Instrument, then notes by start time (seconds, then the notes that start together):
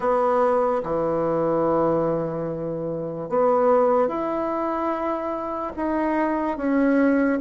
bassoon
0.00 B3
0.83 E3
3.29 B3
4.08 E4
5.76 D#4
6.57 C#4